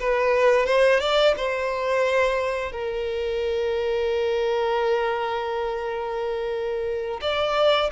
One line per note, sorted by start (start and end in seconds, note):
0.00 0.66 B4
0.66 1.00 C5
1.00 1.35 D5
1.37 2.72 C5
2.72 7.21 A#4
7.22 7.91 D5